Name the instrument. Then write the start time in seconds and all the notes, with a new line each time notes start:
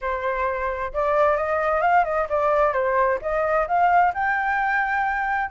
flute
0.01 C5
0.93 D5
1.36 D#5
1.81 F5
2.04 D#5
2.29 D5
2.73 C5
3.21 D#5
3.67 F5
4.13 G5